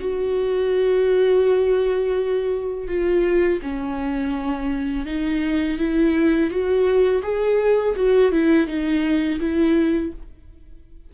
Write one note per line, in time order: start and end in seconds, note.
0.00 2.88 F#4
2.88 3.60 F4
3.62 5.06 C#4
5.06 5.78 D#4
5.78 6.50 E4
6.50 7.22 F#4
7.23 7.95 G#4
7.96 8.32 F#4
8.32 8.67 E4
8.67 9.39 D#4
9.40 10.12 E4